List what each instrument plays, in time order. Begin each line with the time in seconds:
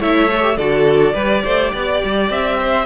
0.00 cello A3, viola E4, violin C#5 E5
0.29 viola A4
0.41 viola G4
0.57 cello D3, viola F#4, violin A4 D5
1.13 cello G3, viola G4, violin B4
1.44 cello A3, violin C5
1.71 cello B3, violin D5
2.04 cello G3
2.30 cello C4, violin E5
2.59 violin C5